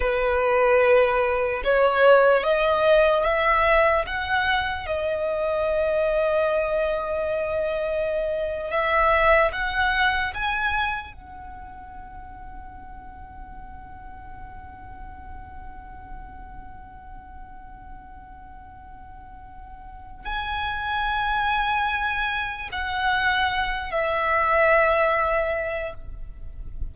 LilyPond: \new Staff \with { instrumentName = "violin" } { \time 4/4 \tempo 4 = 74 b'2 cis''4 dis''4 | e''4 fis''4 dis''2~ | dis''2~ dis''8. e''4 fis''16~ | fis''8. gis''4 fis''2~ fis''16~ |
fis''1~ | fis''1~ | fis''4 gis''2. | fis''4. e''2~ e''8 | }